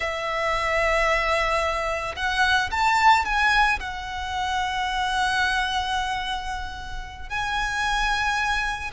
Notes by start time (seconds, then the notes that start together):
0.00 E5
2.15 F#5
2.71 A5
3.25 G#5
3.79 F#5
7.29 G#5